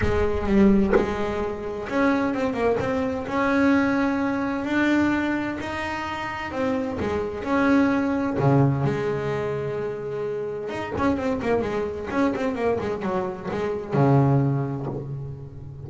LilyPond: \new Staff \with { instrumentName = "double bass" } { \time 4/4 \tempo 4 = 129 gis4 g4 gis2 | cis'4 c'8 ais8 c'4 cis'4~ | cis'2 d'2 | dis'2 c'4 gis4 |
cis'2 cis4 gis4~ | gis2. dis'8 cis'8 | c'8 ais8 gis4 cis'8 c'8 ais8 gis8 | fis4 gis4 cis2 | }